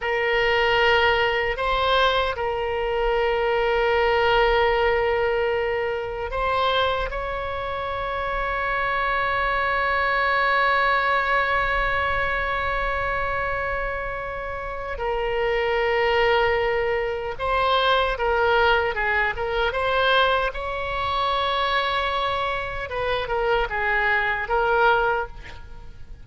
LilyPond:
\new Staff \with { instrumentName = "oboe" } { \time 4/4 \tempo 4 = 76 ais'2 c''4 ais'4~ | ais'1 | c''4 cis''2.~ | cis''1~ |
cis''2. ais'4~ | ais'2 c''4 ais'4 | gis'8 ais'8 c''4 cis''2~ | cis''4 b'8 ais'8 gis'4 ais'4 | }